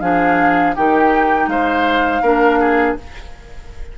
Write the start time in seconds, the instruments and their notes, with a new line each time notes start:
0.00 bassoon F3, clarinet D4, oboe G#4, flute F5
0.75 bassoon D#3, clarinet D#4, oboe G4, flute G5
1.47 bassoon G#3, oboe C5, flute F5
2.21 bassoon A#3, clarinet D4, oboe A#4
2.59 oboe G#4